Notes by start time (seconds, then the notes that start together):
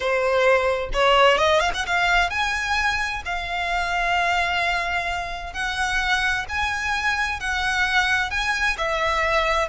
0.00 C5
0.93 C#5
1.37 D#5
1.59 F5
1.73 F#5
1.86 F5
2.30 G#5
3.25 F5
5.53 F#5
6.48 G#5
7.40 F#5
8.30 G#5
8.77 E5